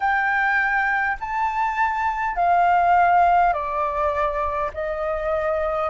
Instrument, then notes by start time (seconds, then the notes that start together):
flute
0.00 G5
1.20 A5
2.35 F5
3.53 D5
4.73 D#5